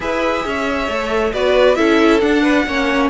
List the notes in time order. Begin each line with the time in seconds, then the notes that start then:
0.00 E4 G#4 B4 E5
0.45 C#4 C#5
0.88 A3 A4
1.33 B3 F#4 B4 D5
1.75 C#4 E4 A4 E5
2.20 D4 F#5
2.42 B4
2.66 A#3 C#4 C#5